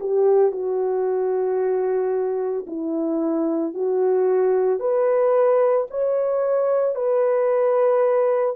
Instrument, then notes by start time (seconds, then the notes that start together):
horn
0.00 G4
0.52 F#4
2.67 E4
3.74 F#4
4.80 B4
5.90 C#5
6.95 B4